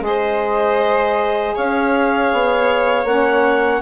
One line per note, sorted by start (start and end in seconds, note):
0.00 1.53 G#3
0.00 3.04 G#4
0.00 1.56 D#5
0.07 1.55 C5
1.55 2.33 C#4
1.55 3.82 C#5
1.55 3.06 F5
2.33 3.04 B3
3.04 3.80 A#3
3.04 3.82 C#4
3.04 3.82 F#5